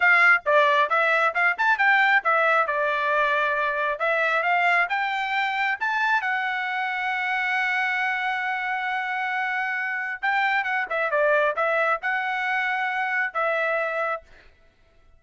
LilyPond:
\new Staff \with { instrumentName = "trumpet" } { \time 4/4 \tempo 4 = 135 f''4 d''4 e''4 f''8 a''8 | g''4 e''4 d''2~ | d''4 e''4 f''4 g''4~ | g''4 a''4 fis''2~ |
fis''1~ | fis''2. g''4 | fis''8 e''8 d''4 e''4 fis''4~ | fis''2 e''2 | }